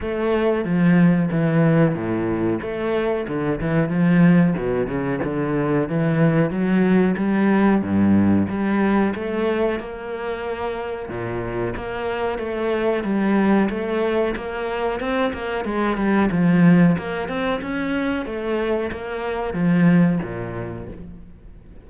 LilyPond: \new Staff \with { instrumentName = "cello" } { \time 4/4 \tempo 4 = 92 a4 f4 e4 a,4 | a4 d8 e8 f4 b,8 cis8 | d4 e4 fis4 g4 | g,4 g4 a4 ais4~ |
ais4 ais,4 ais4 a4 | g4 a4 ais4 c'8 ais8 | gis8 g8 f4 ais8 c'8 cis'4 | a4 ais4 f4 ais,4 | }